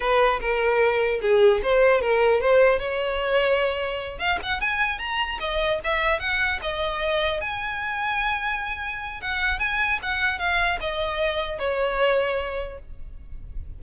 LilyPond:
\new Staff \with { instrumentName = "violin" } { \time 4/4 \tempo 4 = 150 b'4 ais'2 gis'4 | c''4 ais'4 c''4 cis''4~ | cis''2~ cis''8 f''8 fis''8 gis''8~ | gis''8 ais''4 dis''4 e''4 fis''8~ |
fis''8 dis''2 gis''4.~ | gis''2. fis''4 | gis''4 fis''4 f''4 dis''4~ | dis''4 cis''2. | }